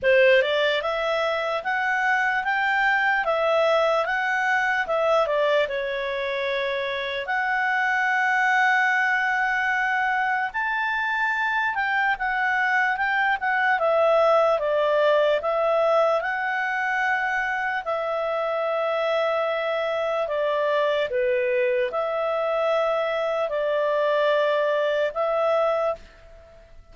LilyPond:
\new Staff \with { instrumentName = "clarinet" } { \time 4/4 \tempo 4 = 74 c''8 d''8 e''4 fis''4 g''4 | e''4 fis''4 e''8 d''8 cis''4~ | cis''4 fis''2.~ | fis''4 a''4. g''8 fis''4 |
g''8 fis''8 e''4 d''4 e''4 | fis''2 e''2~ | e''4 d''4 b'4 e''4~ | e''4 d''2 e''4 | }